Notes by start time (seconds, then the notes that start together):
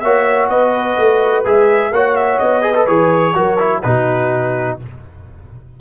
0.00 A#3 F#4 C#5 E5
0.49 B3 B4 D#5
0.97 A3
1.45 G#3 G#4 E5
1.91 A#3 F#4 C#5 F#5
2.16 E5
2.39 B3 D#5
2.62 G#4 B4
2.75 A4
2.87 E3 G#4 C#5
3.34 F#3 F#4 A#4
3.59 E4
3.82 B2 D#4 F#4 B4